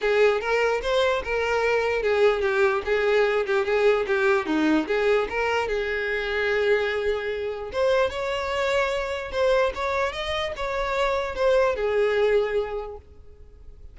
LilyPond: \new Staff \with { instrumentName = "violin" } { \time 4/4 \tempo 4 = 148 gis'4 ais'4 c''4 ais'4~ | ais'4 gis'4 g'4 gis'4~ | gis'8 g'8 gis'4 g'4 dis'4 | gis'4 ais'4 gis'2~ |
gis'2. c''4 | cis''2. c''4 | cis''4 dis''4 cis''2 | c''4 gis'2. | }